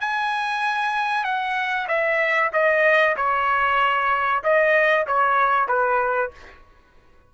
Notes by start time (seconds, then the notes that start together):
0.00 G#5
1.24 F#5
1.88 E5
2.53 D#5
3.16 C#5
4.43 D#5
5.06 C#5
5.68 B4